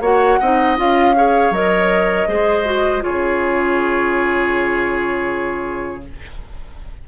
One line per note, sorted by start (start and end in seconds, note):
0.00 0.38 A#3
0.00 0.39 F#4
0.00 0.39 C#5
0.00 0.78 F#5
0.40 0.78 C4
0.40 0.76 D#4
0.40 1.15 D#5
0.76 1.50 C#4
0.76 1.14 F4
0.76 1.53 F5
1.15 1.53 G#4
1.15 2.28 C#5
1.50 2.25 F#3
1.50 2.28 A#4
1.50 3.03 D#5
2.28 3.03 G#3
2.28 2.65 G#4
2.28 3.03 C5
2.65 3.00 F#4
3.00 6.00 F4
3.00 6.04 G#4
3.00 6.03 C#5
3.08 6.08 C#3